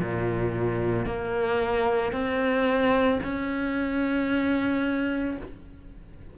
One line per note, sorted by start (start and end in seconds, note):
0.00 1.06 A#2
1.06 2.12 A#3
2.12 3.19 C4
3.23 5.38 C#4